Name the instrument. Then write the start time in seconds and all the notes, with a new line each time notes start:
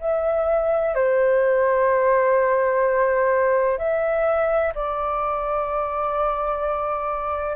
flute
0.00 E5
0.95 C5
3.78 E5
4.75 D5